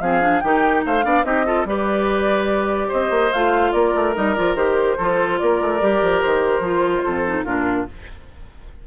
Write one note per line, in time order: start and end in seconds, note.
0.00 0.41 F3
0.00 0.21 C4
0.00 0.43 G#4
0.00 0.40 F5
0.21 0.41 D4
0.40 0.84 D#3
0.40 1.02 D#4
0.40 0.85 G4
0.40 0.81 G5
0.85 1.04 A3
0.85 1.05 C5
0.85 1.24 F5
1.02 1.24 B3
1.02 1.23 D4
1.02 1.25 D5
1.24 1.64 C4
1.24 1.44 D#4
1.24 1.45 G4
1.24 1.66 D#5
1.45 1.66 F4
1.45 1.66 A4
1.64 2.88 G3
1.64 3.32 G4
1.64 2.88 B4
1.64 2.92 D5
2.88 3.10 C4
2.88 3.71 C5
2.88 3.32 D#5
3.10 3.31 A#3
3.32 3.73 A3
3.32 4.14 F4
3.32 3.72 F5
3.72 3.94 A#3
3.72 4.97 A#4
3.72 4.14 D5
3.95 4.16 A3
4.14 4.37 G3
4.14 4.35 D#4
4.14 4.34 D#5
4.34 4.55 F3
4.34 4.56 F4
4.34 4.55 D5
4.55 4.96 D#3
4.55 4.97 G4
4.55 5.38 C5
4.97 5.40 F3
4.97 5.80 F4
4.97 5.39 A4
5.38 5.61 A#3
5.38 7.04 A#4
5.38 6.21 D5
5.61 5.81 A3
5.80 6.02 G3
5.80 6.63 G4
6.02 6.22 F3
6.22 6.60 D#3
6.22 7.44 C5
6.60 7.01 F3
6.60 7.25 F4
7.04 7.45 F2
7.04 7.44 A4
7.26 7.45 D#4
7.44 7.87 A#2
7.44 7.87 D4
7.44 7.86 F4
7.44 7.86 A#4